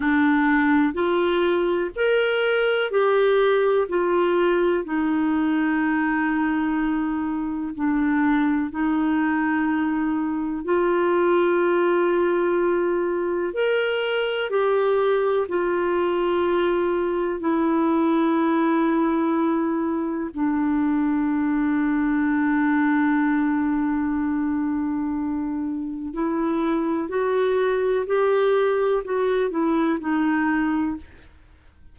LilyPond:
\new Staff \with { instrumentName = "clarinet" } { \time 4/4 \tempo 4 = 62 d'4 f'4 ais'4 g'4 | f'4 dis'2. | d'4 dis'2 f'4~ | f'2 ais'4 g'4 |
f'2 e'2~ | e'4 d'2.~ | d'2. e'4 | fis'4 g'4 fis'8 e'8 dis'4 | }